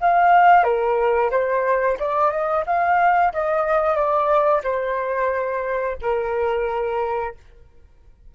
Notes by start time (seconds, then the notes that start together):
0.00 F5
0.63 A#4
1.31 C5
1.99 D5
2.31 D#5
2.66 F5
3.33 D#5
3.95 D5
4.63 C5
6.01 A#4